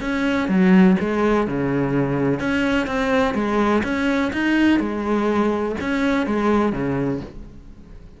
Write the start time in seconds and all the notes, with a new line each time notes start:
0.00 C#4
0.48 F#3
0.99 G#3
1.47 C#3
2.39 C#4
2.86 C4
3.34 G#3
3.83 C#4
4.32 D#4
4.79 G#3
5.80 C#4
6.26 G#3
6.72 C#3